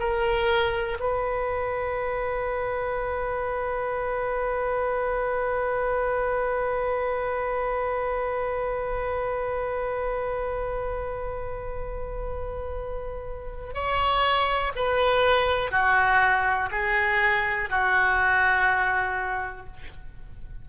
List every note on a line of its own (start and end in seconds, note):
0.00 0.98 A#4
1.00 13.74 B4
13.74 14.73 C#5
14.76 15.72 B4
15.72 16.70 F#4
16.72 17.70 G#4
17.70 19.67 F#4